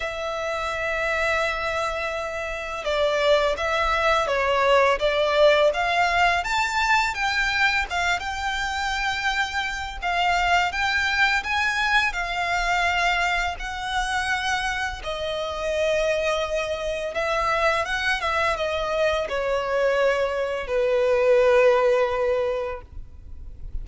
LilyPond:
\new Staff \with { instrumentName = "violin" } { \time 4/4 \tempo 4 = 84 e''1 | d''4 e''4 cis''4 d''4 | f''4 a''4 g''4 f''8 g''8~ | g''2 f''4 g''4 |
gis''4 f''2 fis''4~ | fis''4 dis''2. | e''4 fis''8 e''8 dis''4 cis''4~ | cis''4 b'2. | }